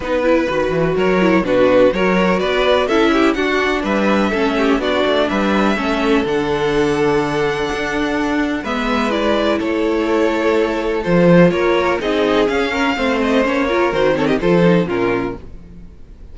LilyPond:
<<
  \new Staff \with { instrumentName = "violin" } { \time 4/4 \tempo 4 = 125 b'2 cis''4 b'4 | cis''4 d''4 e''4 fis''4 | e''2 d''4 e''4~ | e''4 fis''2.~ |
fis''2 e''4 d''4 | cis''2. c''4 | cis''4 dis''4 f''4. dis''8 | cis''4 c''8 cis''16 dis''16 c''4 ais'4 | }
  \new Staff \with { instrumentName = "violin" } { \time 4/4 b'2 ais'4 fis'4 | ais'4 b'4 a'8 g'8 fis'4 | b'4 a'8 g'8 fis'4 b'4 | a'1~ |
a'2 b'2 | a'1 | ais'4 gis'4. ais'8 c''4~ | c''8 ais'4 a'16 g'16 a'4 f'4 | }
  \new Staff \with { instrumentName = "viola" } { \time 4/4 dis'8 e'8 fis'4. e'8 d'4 | fis'2 e'4 d'4~ | d'4 cis'4 d'2 | cis'4 d'2.~ |
d'2 b4 e'4~ | e'2. f'4~ | f'4 dis'4 cis'4 c'4 | cis'8 f'8 fis'8 c'8 f'8 dis'8 cis'4 | }
  \new Staff \with { instrumentName = "cello" } { \time 4/4 b4 dis8 e8 fis4 b,4 | fis4 b4 cis'4 d'4 | g4 a4 b8 a8 g4 | a4 d2. |
d'2 gis2 | a2. f4 | ais4 c'4 cis'4 a4 | ais4 dis4 f4 ais,4 | }
>>